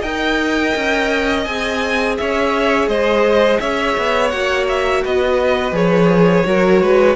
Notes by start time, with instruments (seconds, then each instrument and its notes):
0.00 cello D#4, viola A#4, violin D#5 G5
0.75 cello C#4
1.44 cello C4, viola G#4, violin G#5
2.17 cello C#4, violin C#5 E5
2.87 cello G#3, violin C5 D#5
3.59 cello C#4, violin C#5 E5
3.97 cello B3
4.29 cello A#3, viola F#4, violin F#5
4.68 violin E5
5.03 cello B3, violin B4 D#5
5.71 cello F3, viola G#4, violin C#5
6.43 cello F#3, viola F#4, violin A#4
6.81 cello G#3, violin B4